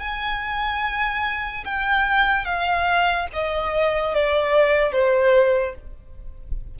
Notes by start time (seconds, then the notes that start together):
0.00 G#5
1.65 G5
2.45 F5
3.33 D#5
4.14 D5
4.92 C5